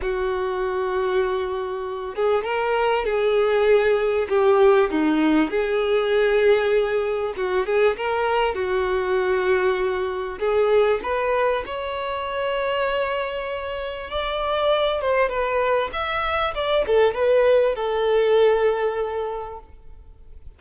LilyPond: \new Staff \with { instrumentName = "violin" } { \time 4/4 \tempo 4 = 98 fis'2.~ fis'8 gis'8 | ais'4 gis'2 g'4 | dis'4 gis'2. | fis'8 gis'8 ais'4 fis'2~ |
fis'4 gis'4 b'4 cis''4~ | cis''2. d''4~ | d''8 c''8 b'4 e''4 d''8 a'8 | b'4 a'2. | }